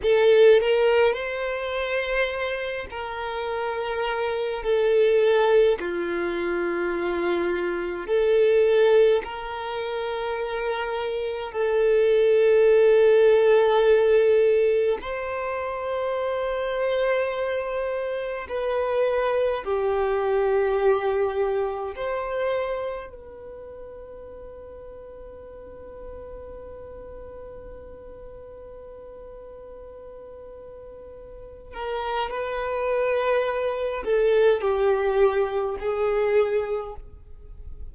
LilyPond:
\new Staff \with { instrumentName = "violin" } { \time 4/4 \tempo 4 = 52 a'8 ais'8 c''4. ais'4. | a'4 f'2 a'4 | ais'2 a'2~ | a'4 c''2. |
b'4 g'2 c''4 | b'1~ | b'2.~ b'8 ais'8 | b'4. a'8 g'4 gis'4 | }